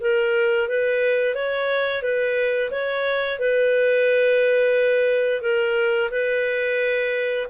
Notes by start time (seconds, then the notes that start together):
0.00 A#4
0.68 B4
1.35 C#5
2.02 B4
2.71 C#5
3.39 B4
5.41 A#4
6.10 B4